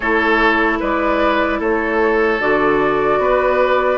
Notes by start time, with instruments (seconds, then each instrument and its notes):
0.00 bassoon A3, clarinet E4, oboe A4, flute C#5
0.79 bassoon G#3, oboe B4, flute D5
1.59 bassoon A3, oboe A4, flute C#5
2.39 bassoon D3, clarinet F#4, flute D5
3.18 bassoon B3, oboe B4